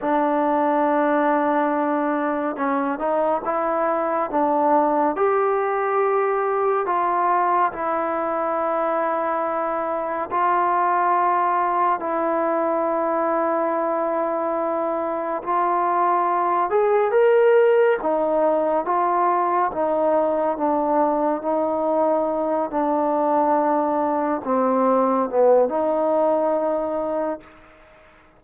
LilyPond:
\new Staff \with { instrumentName = "trombone" } { \time 4/4 \tempo 4 = 70 d'2. cis'8 dis'8 | e'4 d'4 g'2 | f'4 e'2. | f'2 e'2~ |
e'2 f'4. gis'8 | ais'4 dis'4 f'4 dis'4 | d'4 dis'4. d'4.~ | d'8 c'4 b8 dis'2 | }